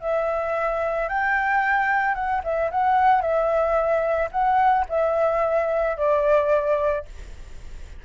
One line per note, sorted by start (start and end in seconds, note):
0.00 1.08 E5
1.08 2.14 G5
2.14 2.41 F#5
2.43 2.70 E5
2.71 3.21 F#5
3.21 4.29 E5
4.31 4.85 F#5
4.89 5.97 E5
5.97 7.05 D5